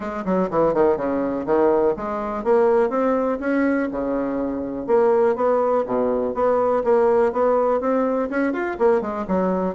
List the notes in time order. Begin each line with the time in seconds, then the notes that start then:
0.00 G#3
0.25 F#3
0.50 E3
0.74 D#3
0.96 C#3
1.46 D#3
1.96 G#3
2.43 A#3
2.89 C4
3.40 C#4
3.91 C#3
4.86 A#3
5.35 B3
5.85 B2
6.34 B3
6.84 A#3
7.32 B3
7.80 C4
8.30 C#4
8.53 F4
8.78 A#3
9.01 G#3
9.27 F#3